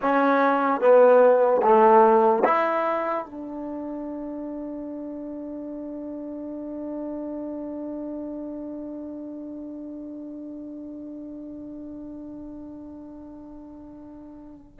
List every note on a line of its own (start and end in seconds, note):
0.01 0.80 C#4
0.80 1.61 B3
1.62 2.43 A3
2.44 3.25 E4
3.25 14.79 D4